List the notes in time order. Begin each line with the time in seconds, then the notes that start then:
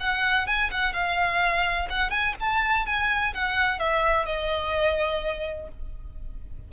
0.00 F#5
0.47 G#5
0.71 F#5
0.93 F5
1.90 F#5
2.10 G#5
2.40 A5
2.86 G#5
3.34 F#5
3.79 E5
4.26 D#5